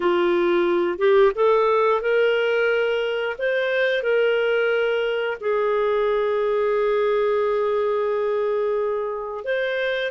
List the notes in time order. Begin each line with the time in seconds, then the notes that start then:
0.00 F4
0.98 G4
1.35 A4
2.01 A#4
3.38 C5
4.03 A#4
5.40 G#4
9.44 C5